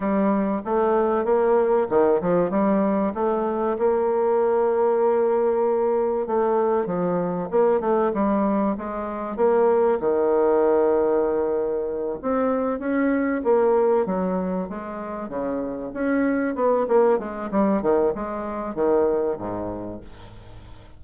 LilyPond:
\new Staff \with { instrumentName = "bassoon" } { \time 4/4 \tempo 4 = 96 g4 a4 ais4 dis8 f8 | g4 a4 ais2~ | ais2 a4 f4 | ais8 a8 g4 gis4 ais4 |
dis2.~ dis8 c'8~ | c'8 cis'4 ais4 fis4 gis8~ | gis8 cis4 cis'4 b8 ais8 gis8 | g8 dis8 gis4 dis4 gis,4 | }